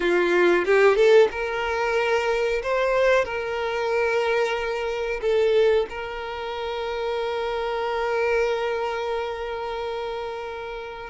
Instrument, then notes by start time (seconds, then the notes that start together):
violin
0.00 F4
0.65 G4
0.95 A4
1.31 A#4
2.62 C5
3.24 A#4
5.21 A4
5.89 A#4